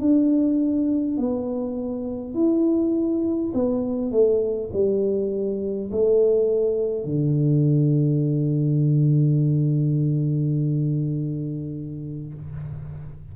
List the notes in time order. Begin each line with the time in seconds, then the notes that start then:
0.00 D4
1.17 B3
2.34 E4
3.53 B3
4.11 A3
4.73 G3
5.91 A3
7.04 D3